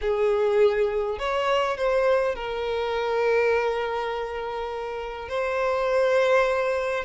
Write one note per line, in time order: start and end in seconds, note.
0.01 1.18 G#4
1.18 1.77 C#5
1.77 2.35 C5
2.35 5.28 A#4
5.28 7.04 C5